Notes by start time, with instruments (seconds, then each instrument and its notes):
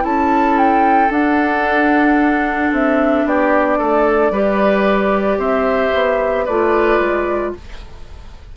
0.00 bassoon C#4, clarinet E4, oboe A4, flute A5
0.58 flute G5
1.10 bassoon D4, clarinet D4, flute F#5
2.72 bassoon C4, flute E5
3.25 bassoon B3, oboe G4, flute D5
3.78 bassoon A3, oboe A4
4.31 bassoon G3, clarinet G4, oboe B4
5.37 bassoon C4, oboe C5, flute E5
5.94 bassoon B3
6.45 bassoon A3, clarinet F4, oboe B4, flute D5
6.99 bassoon G#3